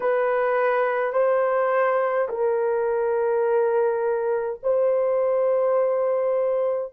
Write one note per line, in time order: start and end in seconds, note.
0.00 1.12 B4
1.12 2.28 C5
2.28 4.59 A#4
4.63 6.92 C5